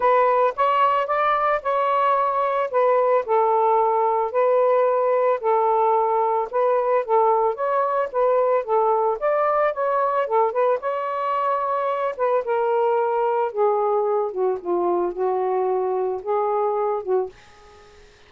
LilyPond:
\new Staff \with { instrumentName = "saxophone" } { \time 4/4 \tempo 4 = 111 b'4 cis''4 d''4 cis''4~ | cis''4 b'4 a'2 | b'2 a'2 | b'4 a'4 cis''4 b'4 |
a'4 d''4 cis''4 a'8 b'8 | cis''2~ cis''8 b'8 ais'4~ | ais'4 gis'4. fis'8 f'4 | fis'2 gis'4. fis'8 | }